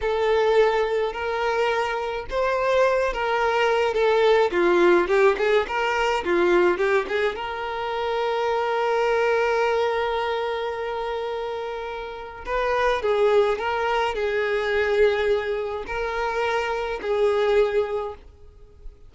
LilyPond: \new Staff \with { instrumentName = "violin" } { \time 4/4 \tempo 4 = 106 a'2 ais'2 | c''4. ais'4. a'4 | f'4 g'8 gis'8 ais'4 f'4 | g'8 gis'8 ais'2.~ |
ais'1~ | ais'2 b'4 gis'4 | ais'4 gis'2. | ais'2 gis'2 | }